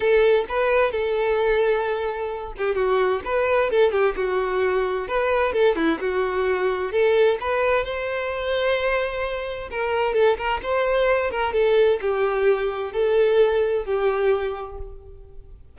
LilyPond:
\new Staff \with { instrumentName = "violin" } { \time 4/4 \tempo 4 = 130 a'4 b'4 a'2~ | a'4. g'8 fis'4 b'4 | a'8 g'8 fis'2 b'4 | a'8 e'8 fis'2 a'4 |
b'4 c''2.~ | c''4 ais'4 a'8 ais'8 c''4~ | c''8 ais'8 a'4 g'2 | a'2 g'2 | }